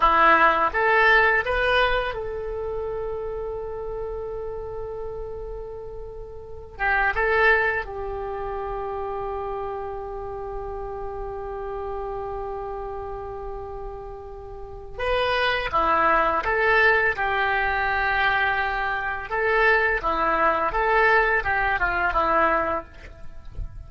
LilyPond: \new Staff \with { instrumentName = "oboe" } { \time 4/4 \tempo 4 = 84 e'4 a'4 b'4 a'4~ | a'1~ | a'4. g'8 a'4 g'4~ | g'1~ |
g'1~ | g'4 b'4 e'4 a'4 | g'2. a'4 | e'4 a'4 g'8 f'8 e'4 | }